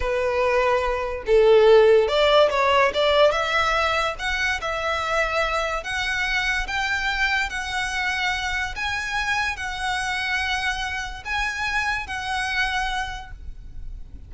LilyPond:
\new Staff \with { instrumentName = "violin" } { \time 4/4 \tempo 4 = 144 b'2. a'4~ | a'4 d''4 cis''4 d''4 | e''2 fis''4 e''4~ | e''2 fis''2 |
g''2 fis''2~ | fis''4 gis''2 fis''4~ | fis''2. gis''4~ | gis''4 fis''2. | }